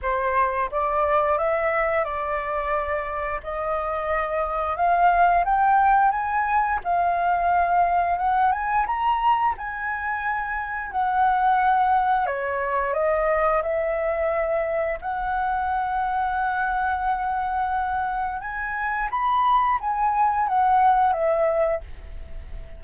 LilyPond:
\new Staff \with { instrumentName = "flute" } { \time 4/4 \tempo 4 = 88 c''4 d''4 e''4 d''4~ | d''4 dis''2 f''4 | g''4 gis''4 f''2 | fis''8 gis''8 ais''4 gis''2 |
fis''2 cis''4 dis''4 | e''2 fis''2~ | fis''2. gis''4 | b''4 gis''4 fis''4 e''4 | }